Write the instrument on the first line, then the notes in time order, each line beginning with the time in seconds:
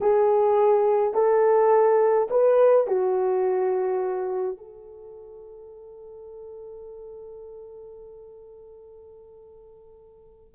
horn
0.00 G#4
1.14 A4
2.30 B4
2.87 F#4
4.57 A4